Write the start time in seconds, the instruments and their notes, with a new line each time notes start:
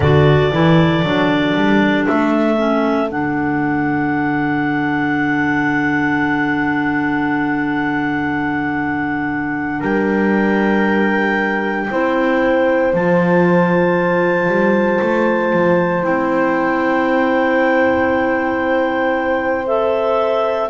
0.00 double bass D3, clarinet F#4 D5, horn A4
0.52 double bass E3, clarinet E4
1.02 double bass F#3, clarinet D4
1.55 double bass G3
2.07 double bass A3, clarinet E5
2.56 clarinet C#4
3.08 double bass D3, clarinet D4 F#5
9.79 double bass G3, horn A#4, clarinet G5
11.90 double bass C4, clarinet E4, horn C5
12.93 double bass F3, clarinet F4 A5
14.48 double bass G3
15.01 double bass A3
15.53 double bass F3
16.02 double bass C4, clarinet E4 G5
19.66 clarinet A4 E5